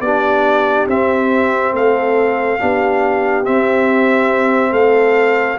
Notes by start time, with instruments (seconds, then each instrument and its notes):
0.00 tuba B3, trombone D4, horn G4, trumpet D5
0.87 tuba C4, trombone C4, trumpet E5
1.72 tuba A3, horn A4, trumpet F5
2.59 tuba B3, trombone D4, horn G4
3.44 trombone C4, tuba C4, trumpet E5
4.71 tuba A3, horn A4, trumpet F5